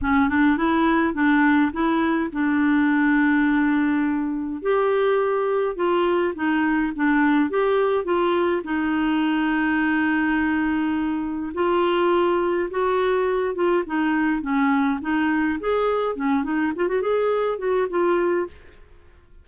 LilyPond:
\new Staff \with { instrumentName = "clarinet" } { \time 4/4 \tempo 4 = 104 cis'8 d'8 e'4 d'4 e'4 | d'1 | g'2 f'4 dis'4 | d'4 g'4 f'4 dis'4~ |
dis'1 | f'2 fis'4. f'8 | dis'4 cis'4 dis'4 gis'4 | cis'8 dis'8 f'16 fis'16 gis'4 fis'8 f'4 | }